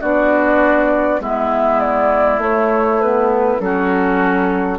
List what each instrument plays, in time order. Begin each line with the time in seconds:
0.00 bassoon B3, clarinet D4, oboe F#4, flute D5
1.19 bassoon G#3, clarinet B3, oboe E4, flute E5
1.80 flute D5
2.38 bassoon A3, clarinet A3, flute C#5
3.01 clarinet B3, flute B4
3.59 bassoon F#3, clarinet C#4, oboe F#4, flute A4